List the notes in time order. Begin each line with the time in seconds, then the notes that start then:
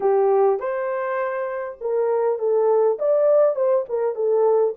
0.00 G4
0.59 C5
1.80 A#4
2.38 A4
2.98 D5
3.55 C5
3.88 A#4
4.15 A4